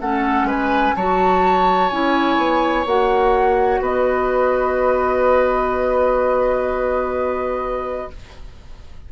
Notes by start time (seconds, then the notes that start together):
0.00 A3 C#4 A4 F#5
0.43 G#3 B4 G#5
0.95 F#3 F#4 C#5 A5
1.89 C#4 E4 G#5
2.37 B3
2.85 A#3 F#4 F#5
3.79 B3 B4 D#5